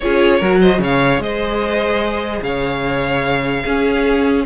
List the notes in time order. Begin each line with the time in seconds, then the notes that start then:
0.00 C#4 F4 G#4 C#5
0.39 F#3 F#4 A#4
0.60 C5 D#5
0.78 C#3 C#5 F5
0.85 G#4
1.18 G#3 C5 D#5
2.42 C#3 C#5 F5
3.63 C#4 G#4